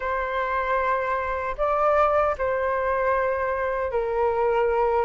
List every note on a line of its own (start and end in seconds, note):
0.00 1.55 C5
1.57 2.35 D5
2.38 3.91 C5
3.91 5.05 A#4